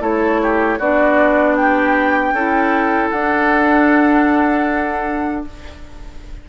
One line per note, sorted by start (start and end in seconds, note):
0.00 0.78 A3
0.00 0.78 E4
0.00 0.41 A4
0.00 0.80 C#5
0.42 0.79 G4
0.79 2.33 B3
0.79 2.36 D4
0.79 1.57 F#4
0.79 1.56 D5
1.56 2.34 G4
1.56 3.11 G5
2.33 3.11 C#4
2.33 3.14 E4
2.33 5.46 A4
3.11 5.46 D4
3.11 5.49 D4
3.11 5.44 F#5